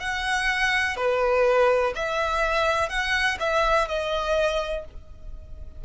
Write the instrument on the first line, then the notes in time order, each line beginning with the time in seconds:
violin
0.00 F#5
0.96 B4
1.95 E5
2.89 F#5
3.40 E5
3.88 D#5